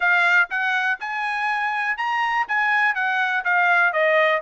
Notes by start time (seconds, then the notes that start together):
0.00 F5
0.49 F#5
0.99 G#5
1.97 A#5
2.47 G#5
2.94 F#5
3.44 F5
3.92 D#5